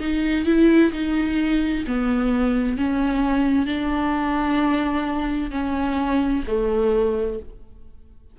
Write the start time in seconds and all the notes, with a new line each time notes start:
0.00 D#4
0.46 E4
0.92 D#4
1.88 B3
2.77 C#4
3.66 D4
5.51 C#4
6.47 A3